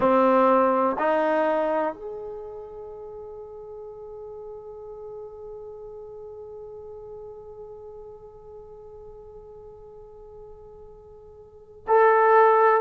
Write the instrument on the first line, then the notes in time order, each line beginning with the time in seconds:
trombone
0.00 C4
0.99 D#4
1.94 G#4
11.87 A4